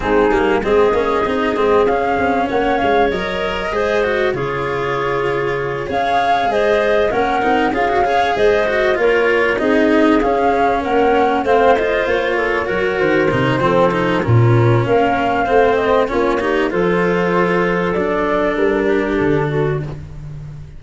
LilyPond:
<<
  \new Staff \with { instrumentName = "flute" } { \time 4/4 \tempo 4 = 97 gis'4 dis''2 f''4 | fis''8 f''8 dis''2 cis''4~ | cis''4. f''4 dis''4 fis''8~ | fis''8 f''4 dis''4 cis''4 dis''8~ |
dis''8 f''4 fis''4 f''8 dis''8 cis''8~ | cis''4 c''2 ais'4 | f''4. dis''8 cis''4 c''4~ | c''4 d''4 ais'4 a'4 | }
  \new Staff \with { instrumentName = "clarinet" } { \time 4/4 dis'4 gis'2. | cis''2 c''4 gis'4~ | gis'4. cis''4 c''4 ais'8~ | ais'8 gis'8 cis''8 c''4 ais'4 gis'8~ |
gis'4. ais'4 c''4. | a'8 ais'4. a'4 f'4 | ais'4 c''4 f'8 g'8 a'4~ | a'2~ a'8 g'4 fis'8 | }
  \new Staff \with { instrumentName = "cello" } { \time 4/4 c'8 ais8 c'8 cis'8 dis'8 c'8 cis'4~ | cis'4 ais'4 gis'8 fis'8 f'4~ | f'4. gis'2 cis'8 | dis'8 f'16 fis'16 gis'4 fis'8 f'4 dis'8~ |
dis'8 cis'2 c'8 f'4~ | f'8 fis'4 dis'8 c'8 dis'8 cis'4~ | cis'4 c'4 cis'8 dis'8 f'4~ | f'4 d'2. | }
  \new Staff \with { instrumentName = "tuba" } { \time 4/4 gis8 g8 gis8 ais8 c'8 gis8 cis'8 c'8 | ais8 gis8 fis4 gis4 cis4~ | cis4. cis'4 gis4 ais8 | c'8 cis'4 gis4 ais4 c'8~ |
c'8 cis'4 ais4 a4 ais8~ | ais8 fis8 dis8 c8 f4 ais,4 | ais4 a4 ais4 f4~ | f4 fis4 g4 d4 | }
>>